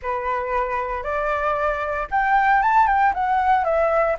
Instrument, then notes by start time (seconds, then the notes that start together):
flute
0.02 B4
1.03 D5
2.10 G5
2.62 A5
2.86 G5
3.14 F#5
3.64 E5